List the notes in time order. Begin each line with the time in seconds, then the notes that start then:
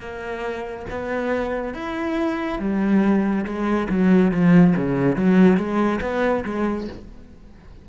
0.00 A#3
0.90 B3
1.74 E4
2.59 G3
3.45 G#3
3.89 F#3
4.31 F3
4.76 C#3
5.16 F#3
5.57 G#3
6.01 B3
6.45 G#3